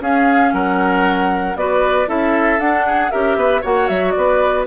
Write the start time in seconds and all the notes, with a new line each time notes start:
0.00 C#4 G#4 F5
0.52 F#3 A#4 F#5
1.55 B3 F#4 B4 D5
2.06 C#4 E4 A4 E5
2.59 D4 F#5
2.86 G#4
3.10 C#4 G4 A#4 E5
3.36 B3 B4
3.61 A#3 F#4 C#5 F#5
3.88 F#3 E5
4.11 B3 D5
4.17 B4